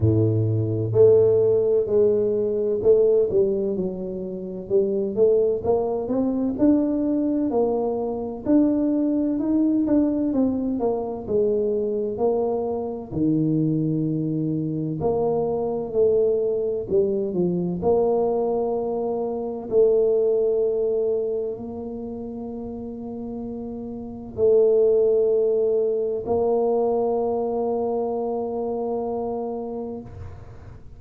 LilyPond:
\new Staff \with { instrumentName = "tuba" } { \time 4/4 \tempo 4 = 64 a,4 a4 gis4 a8 g8 | fis4 g8 a8 ais8 c'8 d'4 | ais4 d'4 dis'8 d'8 c'8 ais8 | gis4 ais4 dis2 |
ais4 a4 g8 f8 ais4~ | ais4 a2 ais4~ | ais2 a2 | ais1 | }